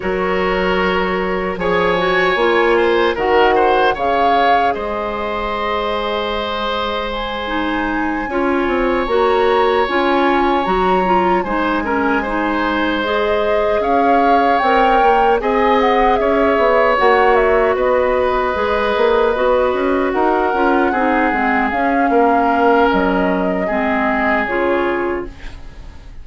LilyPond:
<<
  \new Staff \with { instrumentName = "flute" } { \time 4/4 \tempo 4 = 76 cis''2 gis''2 | fis''4 f''4 dis''2~ | dis''4 gis''2~ gis''8 ais''8~ | ais''8 gis''4 ais''4 gis''4.~ |
gis''8 dis''4 f''4 g''4 gis''8 | fis''8 e''4 fis''8 e''8 dis''4.~ | dis''4. fis''2 f''8~ | f''4 dis''2 cis''4 | }
  \new Staff \with { instrumentName = "oboe" } { \time 4/4 ais'2 cis''4. c''8 | ais'8 c''8 cis''4 c''2~ | c''2~ c''8 cis''4.~ | cis''2~ cis''8 c''8 ais'8 c''8~ |
c''4. cis''2 dis''8~ | dis''8 cis''2 b'4.~ | b'4. ais'4 gis'4. | ais'2 gis'2 | }
  \new Staff \with { instrumentName = "clarinet" } { \time 4/4 fis'2 gis'8 fis'8 f'4 | fis'4 gis'2.~ | gis'4. dis'4 f'4 fis'8~ | fis'8 f'4 fis'8 f'8 dis'8 cis'8 dis'8~ |
dis'8 gis'2 ais'4 gis'8~ | gis'4. fis'2 gis'8~ | gis'8 fis'4. f'8 dis'8 c'8 cis'8~ | cis'2 c'4 f'4 | }
  \new Staff \with { instrumentName = "bassoon" } { \time 4/4 fis2 f4 ais4 | dis4 cis4 gis2~ | gis2~ gis8 cis'8 c'8 ais8~ | ais8 cis'4 fis4 gis4.~ |
gis4. cis'4 c'8 ais8 c'8~ | c'8 cis'8 b8 ais4 b4 gis8 | ais8 b8 cis'8 dis'8 cis'8 c'8 gis8 cis'8 | ais4 fis4 gis4 cis4 | }
>>